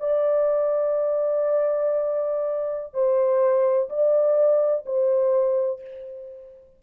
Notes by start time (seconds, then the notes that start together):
0.00 D5
2.94 C5
3.90 D5
4.86 C5